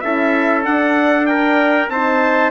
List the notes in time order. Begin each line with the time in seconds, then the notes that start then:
0.00 C#4 E4 A4 E5
0.62 D4 F#5
1.26 A#4 G5
1.89 C4 D#4 C5 A5